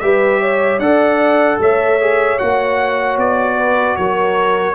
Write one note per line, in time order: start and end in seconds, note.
0.00 0.79 G3
0.00 0.81 G4
0.00 0.40 B4
0.00 0.79 E5
0.40 0.79 C#5
0.79 1.58 D4
0.79 2.00 A4
0.79 1.58 D5
0.79 1.58 F#5
1.60 2.39 A3
1.60 3.57 C#5
1.60 2.39 E5
2.00 2.39 G#4
2.39 3.18 A#3
2.39 4.75 F#4
2.39 3.18 F#5
3.18 3.97 B3
3.18 3.96 D5
3.57 3.97 B4
3.96 4.75 F#3
3.96 4.75 A#4
3.96 4.75 C#5